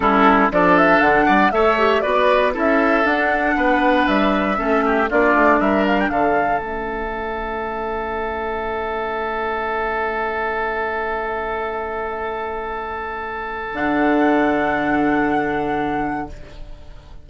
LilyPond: <<
  \new Staff \with { instrumentName = "flute" } { \time 4/4 \tempo 4 = 118 a'4 d''8 e''8 fis''4 e''4 | d''4 e''4 fis''2 | e''2 d''4 e''8 f''16 g''16 | f''4 e''2.~ |
e''1~ | e''1~ | e''2. fis''4~ | fis''1 | }
  \new Staff \with { instrumentName = "oboe" } { \time 4/4 e'4 a'4. d''8 cis''4 | b'4 a'2 b'4~ | b'4 a'8 g'8 f'4 ais'4 | a'1~ |
a'1~ | a'1~ | a'1~ | a'1 | }
  \new Staff \with { instrumentName = "clarinet" } { \time 4/4 cis'4 d'2 a'8 g'8 | fis'4 e'4 d'2~ | d'4 cis'4 d'2~ | d'4 cis'2.~ |
cis'1~ | cis'1~ | cis'2. d'4~ | d'1 | }
  \new Staff \with { instrumentName = "bassoon" } { \time 4/4 g4 f4 d8 g8 a4 | b4 cis'4 d'4 b4 | g4 a4 ais8 a8 g4 | d4 a2.~ |
a1~ | a1~ | a2. d4~ | d1 | }
>>